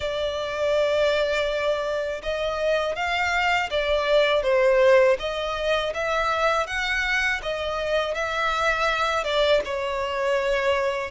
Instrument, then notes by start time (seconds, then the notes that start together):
violin
0.00 D5
2.23 D#5
2.95 F5
3.70 D5
4.42 C5
5.19 D#5
5.94 E5
6.66 F#5
7.42 D#5
8.14 E5
9.24 D5
9.65 C#5